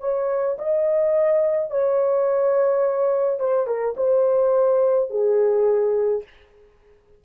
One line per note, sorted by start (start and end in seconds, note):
0.00 0.57 C#5
0.58 1.70 D#5
1.70 3.40 C#5
3.40 3.66 C5
3.66 3.95 A#4
3.96 5.09 C5
5.09 6.23 G#4